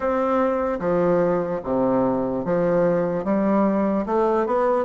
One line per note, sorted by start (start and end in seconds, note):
0.00 0.79 C4
0.79 1.60 F3
1.63 2.44 C3
2.44 3.24 F3
3.24 4.05 G3
4.05 4.46 A3
4.46 4.85 B3